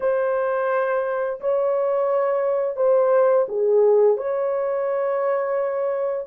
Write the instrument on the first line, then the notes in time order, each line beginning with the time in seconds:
horn
0.00 C5
1.40 C#5
2.76 C5
3.48 G#4
4.17 C#5